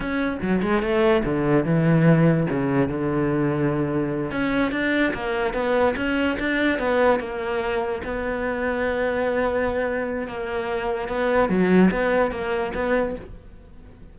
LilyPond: \new Staff \with { instrumentName = "cello" } { \time 4/4 \tempo 4 = 146 cis'4 fis8 gis8 a4 d4 | e2 cis4 d4~ | d2~ d8 cis'4 d'8~ | d'8 ais4 b4 cis'4 d'8~ |
d'8 b4 ais2 b8~ | b1~ | b4 ais2 b4 | fis4 b4 ais4 b4 | }